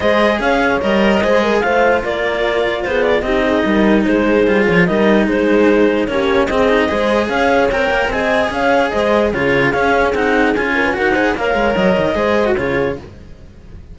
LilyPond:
<<
  \new Staff \with { instrumentName = "clarinet" } { \time 4/4 \tempo 4 = 148 dis''4 f''4 dis''2 | f''4 d''2 c''8 d''8 | dis''2 c''4. cis''8 | dis''4 c''2 cis''4 |
dis''2 f''4 g''4 | gis''4 f''4 dis''4 cis''4 | f''4 fis''4 gis''4 fis''4 | f''4 dis''2 cis''4 | }
  \new Staff \with { instrumentName = "horn" } { \time 4/4 c''4 cis''2 c''8 ais'8 | c''4 ais'2 gis'4 | g'8 gis'8 ais'4 gis'2 | ais'4 gis'2 g'4 |
gis'4 c''4 cis''2 | dis''4 cis''4 c''4 gis'4~ | gis'2~ gis'8 ais'16 b'16 ais'8 c''8 | cis''2 c''4 gis'4 | }
  \new Staff \with { instrumentName = "cello" } { \time 4/4 gis'2 ais'4 gis'4 | f'1 | dis'2. f'4 | dis'2. cis'4 |
c'8 dis'8 gis'2 ais'4 | gis'2. f'4 | cis'4 dis'4 f'4 fis'8 gis'8 | ais'2 gis'8. fis'16 f'4 | }
  \new Staff \with { instrumentName = "cello" } { \time 4/4 gis4 cis'4 g4 gis4 | a4 ais2 b4 | c'4 g4 gis4 g8 f8 | g4 gis2 ais4 |
c'4 gis4 cis'4 c'8 ais8 | c'4 cis'4 gis4 cis4 | cis'4 c'4 cis'4 dis'4 | ais8 gis8 fis8 dis8 gis4 cis4 | }
>>